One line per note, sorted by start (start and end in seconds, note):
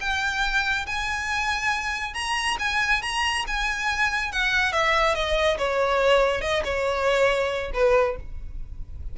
0.00 0.86 G5
0.86 2.14 G#5
2.14 2.56 A#5
2.59 3.02 G#5
3.02 3.45 A#5
3.47 4.32 G#5
4.32 4.72 F#5
4.72 5.14 E5
5.14 5.57 D#5
5.58 6.41 C#5
6.41 6.62 D#5
6.64 7.71 C#5
7.73 8.16 B4